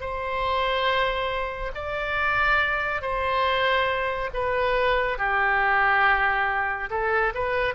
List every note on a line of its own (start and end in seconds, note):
0.00 1.71 C5
1.75 3.01 D5
3.01 4.30 C5
4.33 5.17 B4
5.17 6.89 G4
6.90 7.32 A4
7.34 7.74 B4